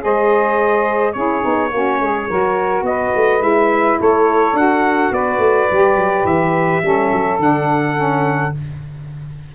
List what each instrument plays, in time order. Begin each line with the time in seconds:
0.00 tuba G#3, saxophone G#4 C5, trumpet D#5
1.13 tuba C#4, saxophone E4 G#4, trumpet C#5
1.42 tuba B3, saxophone D#4
1.72 tuba A#3, saxophone C#4 F#4
2.01 tuba G#3, saxophone G#4
2.28 tuba F#3, saxophone F#4 A#4
2.82 tuba B3, trumpet D#5
2.88 saxophone B4
3.16 tuba A3
3.40 tuba G#3, saxophone E4, trumpet E5
3.99 tuba A3, saxophone A4, trumpet C#5
4.53 tuba D4, saxophone F#4, trumpet F#5
5.12 tuba B3, saxophone B4, trumpet D5
5.39 tuba A3
5.71 tuba G3, saxophone G4
5.96 tuba F#3
6.25 tuba E3, trumpet E5
6.83 tuba G3, saxophone C#4 A4
7.12 tuba F#3
7.39 tuba D3, saxophone D4, trumpet F#5
7.96 saxophone C#4